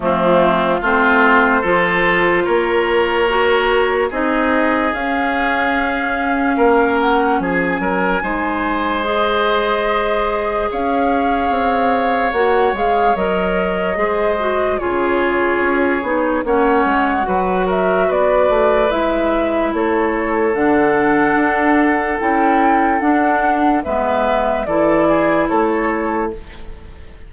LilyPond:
<<
  \new Staff \with { instrumentName = "flute" } { \time 4/4 \tempo 4 = 73 f'4 c''2 cis''4~ | cis''4 dis''4 f''2~ | f''8 fis''8 gis''2 dis''4~ | dis''4 f''2 fis''8 f''8 |
dis''2 cis''2 | fis''4. e''8 d''4 e''4 | cis''4 fis''2 g''4 | fis''4 e''4 d''4 cis''4 | }
  \new Staff \with { instrumentName = "oboe" } { \time 4/4 c'4 f'4 a'4 ais'4~ | ais'4 gis'2. | ais'4 gis'8 ais'8 c''2~ | c''4 cis''2.~ |
cis''4 c''4 gis'2 | cis''4 b'8 ais'8 b'2 | a'1~ | a'4 b'4 a'8 gis'8 a'4 | }
  \new Staff \with { instrumentName = "clarinet" } { \time 4/4 a4 c'4 f'2 | fis'4 dis'4 cis'2~ | cis'2 dis'4 gis'4~ | gis'2. fis'8 gis'8 |
ais'4 gis'8 fis'8 f'4. dis'8 | cis'4 fis'2 e'4~ | e'4 d'2 e'4 | d'4 b4 e'2 | }
  \new Staff \with { instrumentName = "bassoon" } { \time 4/4 f4 a4 f4 ais4~ | ais4 c'4 cis'2 | ais4 f8 fis8 gis2~ | gis4 cis'4 c'4 ais8 gis8 |
fis4 gis4 cis4 cis'8 b8 | ais8 gis8 fis4 b8 a8 gis4 | a4 d4 d'4 cis'4 | d'4 gis4 e4 a4 | }
>>